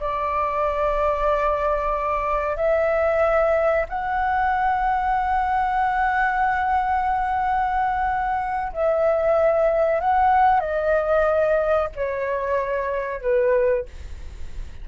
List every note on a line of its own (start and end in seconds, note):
0.00 2.57 D5
2.57 3.86 E5
3.89 8.73 F#5
8.73 10.01 E5
10.01 10.60 F#5
10.60 11.89 D#5
11.96 13.21 C#5
13.21 13.86 B4